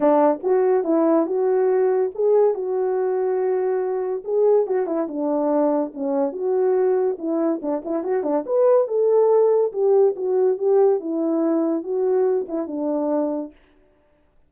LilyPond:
\new Staff \with { instrumentName = "horn" } { \time 4/4 \tempo 4 = 142 d'4 fis'4 e'4 fis'4~ | fis'4 gis'4 fis'2~ | fis'2 gis'4 fis'8 e'8 | d'2 cis'4 fis'4~ |
fis'4 e'4 d'8 e'8 fis'8 d'8 | b'4 a'2 g'4 | fis'4 g'4 e'2 | fis'4. e'8 d'2 | }